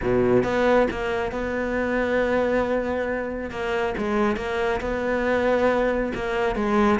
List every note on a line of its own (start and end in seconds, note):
0.01 0.43 B2
0.43 0.87 B3
0.91 1.31 A#3
1.31 3.50 B3
3.50 3.94 A#3
3.97 4.36 G#3
4.36 4.80 A#3
4.81 6.12 B3
6.15 6.55 A#3
6.55 6.99 G#3